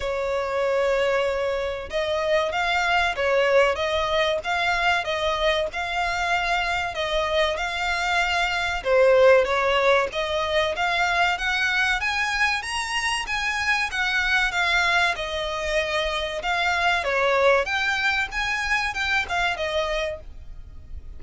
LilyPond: \new Staff \with { instrumentName = "violin" } { \time 4/4 \tempo 4 = 95 cis''2. dis''4 | f''4 cis''4 dis''4 f''4 | dis''4 f''2 dis''4 | f''2 c''4 cis''4 |
dis''4 f''4 fis''4 gis''4 | ais''4 gis''4 fis''4 f''4 | dis''2 f''4 cis''4 | g''4 gis''4 g''8 f''8 dis''4 | }